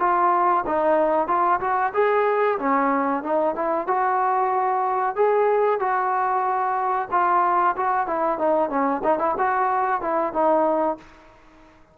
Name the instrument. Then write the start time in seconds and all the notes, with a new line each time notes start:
trombone
0.00 F4
0.67 D#4
1.28 F4
1.61 F#4
1.94 G#4
2.59 C#4
3.23 D#4
3.55 E4
3.87 F#4
5.16 G#4
5.79 F#4
7.11 F4
7.77 F#4
8.07 E4
8.39 D#4
8.70 C#4
9.04 D#4
9.19 E4
9.38 F#4
10.01 E4
10.33 D#4